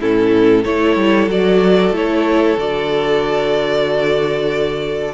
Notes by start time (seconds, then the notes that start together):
0.00 A2 C#4 E4 A4
0.63 A3 E4 A4 C#5
0.96 G3
1.27 F#3 F#4 D5
1.91 A3 E4 C#5
2.57 D3 F#4 D5